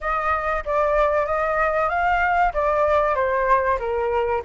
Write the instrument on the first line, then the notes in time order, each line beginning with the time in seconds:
flute
0.00 D#5
0.65 D5
1.25 D#5
1.89 F5
2.53 D5
3.15 C5
3.79 A#4